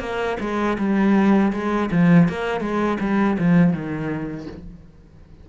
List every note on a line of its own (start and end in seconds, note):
0.00 0.37 A#3
0.41 0.78 G#3
0.79 1.53 G3
1.53 1.90 G#3
1.92 2.29 F3
2.29 2.61 A#3
2.61 2.98 G#3
3.01 3.38 G3
3.39 3.73 F3
3.73 4.47 D#3